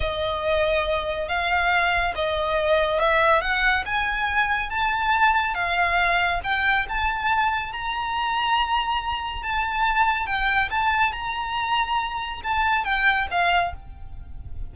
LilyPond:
\new Staff \with { instrumentName = "violin" } { \time 4/4 \tempo 4 = 140 dis''2. f''4~ | f''4 dis''2 e''4 | fis''4 gis''2 a''4~ | a''4 f''2 g''4 |
a''2 ais''2~ | ais''2 a''2 | g''4 a''4 ais''2~ | ais''4 a''4 g''4 f''4 | }